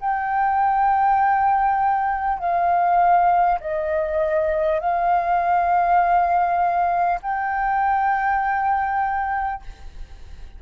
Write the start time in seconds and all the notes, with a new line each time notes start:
0.00 G5
2.39 F5
3.60 D#5
4.80 F5
7.22 G5